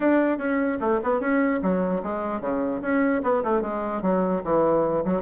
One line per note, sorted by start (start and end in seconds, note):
0.00 0.38 D4
0.38 0.78 C#4
0.80 1.00 A3
1.03 1.20 B3
1.20 1.60 C#4
1.62 2.02 F#3
2.02 2.41 G#3
2.41 2.81 C#3
2.81 3.21 C#4
3.23 3.43 B3
3.43 3.61 A3
3.61 4.02 G#3
4.02 4.42 F#3
4.43 5.04 E3
5.04 5.22 F#3